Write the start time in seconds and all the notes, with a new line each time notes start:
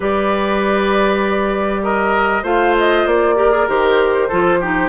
0.00 G3 G4 B4 D5
1.83 A#4 D#5
2.42 A3 F4 C5 F5
2.78 D#5
3.05 A#3 D5
3.35 G4 A#4
3.51 G#4
3.68 D#3 G4 C5
4.28 F3 F4 A4
4.59 D#4 G4